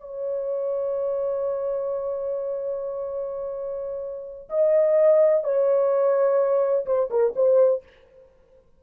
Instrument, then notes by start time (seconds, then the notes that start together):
horn
0.00 C#5
4.49 D#5
5.44 C#5
6.86 C5
7.10 A#4
7.36 C5